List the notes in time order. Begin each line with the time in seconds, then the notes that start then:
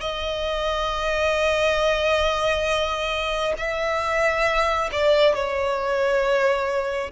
0.00 D#5
3.57 E5
4.91 D5
5.34 C#5